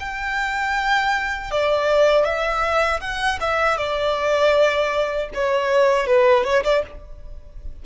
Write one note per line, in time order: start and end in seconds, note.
0.00 1.51 G5
1.51 2.24 D5
2.24 3.00 E5
3.01 3.39 F#5
3.40 3.77 E5
3.77 5.29 D5
5.34 6.07 C#5
6.07 6.44 B4
6.44 6.63 C#5
6.64 6.83 D5